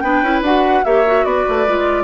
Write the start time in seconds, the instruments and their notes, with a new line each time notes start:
0.00 bassoon B3, clarinet D4, oboe B4, flute G5
0.22 bassoon C#4, clarinet E4
0.42 bassoon D4, clarinet F#4, flute F#5
0.84 bassoon A#3, clarinet G4, oboe C#5, flute E5
1.06 clarinet F#4
1.24 bassoon B3, oboe B4, flute D5
1.49 bassoon A3
1.67 bassoon G#3, clarinet F4